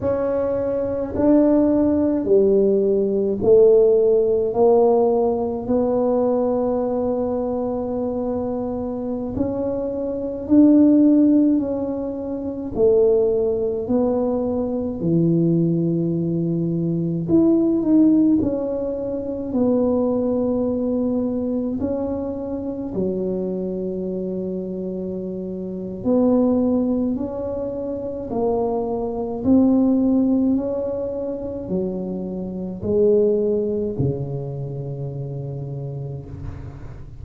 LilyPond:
\new Staff \with { instrumentName = "tuba" } { \time 4/4 \tempo 4 = 53 cis'4 d'4 g4 a4 | ais4 b2.~ | b16 cis'4 d'4 cis'4 a8.~ | a16 b4 e2 e'8 dis'16~ |
dis'16 cis'4 b2 cis'8.~ | cis'16 fis2~ fis8. b4 | cis'4 ais4 c'4 cis'4 | fis4 gis4 cis2 | }